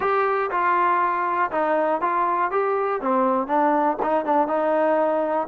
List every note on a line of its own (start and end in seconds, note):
0.00 0.50 G4
0.50 1.50 F4
1.51 2.01 D#4
2.01 2.51 F4
2.51 3.01 G4
3.01 3.47 C4
3.47 3.97 D4
4.02 4.25 D#4
4.25 4.47 D4
4.47 5.47 D#4